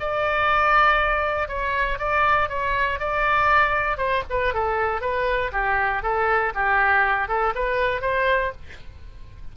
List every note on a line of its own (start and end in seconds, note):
0.00 1.49 D5
1.49 1.99 C#5
1.99 2.49 D5
2.49 3.00 C#5
3.00 3.98 D5
3.98 4.23 C5
4.30 4.54 B4
4.54 5.01 A4
5.01 5.51 B4
5.53 6.03 G4
6.03 6.53 A4
6.55 7.28 G4
7.28 7.54 A4
7.55 8.01 B4
8.01 8.52 C5